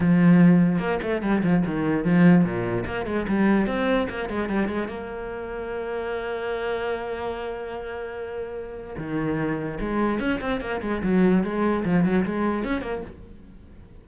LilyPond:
\new Staff \with { instrumentName = "cello" } { \time 4/4 \tempo 4 = 147 f2 ais8 a8 g8 f8 | dis4 f4 ais,4 ais8 gis8 | g4 c'4 ais8 gis8 g8 gis8 | ais1~ |
ais1~ | ais2 dis2 | gis4 cis'8 c'8 ais8 gis8 fis4 | gis4 f8 fis8 gis4 cis'8 ais8 | }